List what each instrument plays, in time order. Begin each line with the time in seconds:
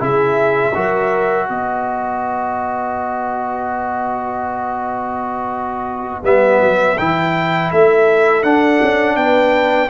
0.00 tuba C#3, trombone E4, horn G#4, trumpet E5
0.75 tuba F#3, trombone F#4, horn A#4
1.49 tuba B3, horn B4, trumpet D#5
6.24 tuba G3, trombone B3, trumpet E5
6.61 tuba F#3
6.98 tuba E3, trombone E4, trumpet G5
7.71 tuba A3, horn A4, trumpet E5
8.43 tuba D4, trombone D4, trumpet F#5
8.83 tuba C#4
9.17 tuba B3, horn B4, trumpet G5